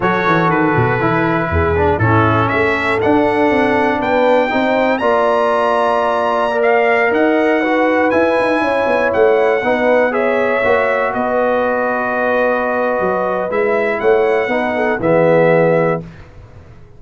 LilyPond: <<
  \new Staff \with { instrumentName = "trumpet" } { \time 4/4 \tempo 4 = 120 cis''4 b'2. | a'4 e''4 fis''2 | g''2 ais''2~ | ais''4~ ais''16 f''4 fis''4.~ fis''16~ |
fis''16 gis''2 fis''4.~ fis''16~ | fis''16 e''2 dis''4.~ dis''16~ | dis''2. e''4 | fis''2 e''2 | }
  \new Staff \with { instrumentName = "horn" } { \time 4/4 a'2. gis'4 | e'4 a'2. | b'4 c''4 d''2~ | d''2~ d''16 dis''4 b'8.~ |
b'4~ b'16 cis''2 b'8.~ | b'16 cis''2 b'4.~ b'16~ | b'1 | cis''4 b'8 a'8 gis'2 | }
  \new Staff \with { instrumentName = "trombone" } { \time 4/4 fis'2 e'4. d'8 | cis'2 d'2~ | d'4 dis'4 f'2~ | f'4 ais'2~ ais'16 fis'8.~ |
fis'16 e'2. dis'8.~ | dis'16 gis'4 fis'2~ fis'8.~ | fis'2. e'4~ | e'4 dis'4 b2 | }
  \new Staff \with { instrumentName = "tuba" } { \time 4/4 fis8 e8 dis8 b,8 e4 e,4 | a,4 a4 d'4 c'4 | b4 c'4 ais2~ | ais2~ ais16 dis'4.~ dis'16~ |
dis'16 e'8 dis'8 cis'8 b8 a4 b8.~ | b4~ b16 ais4 b4.~ b16~ | b2 fis4 gis4 | a4 b4 e2 | }
>>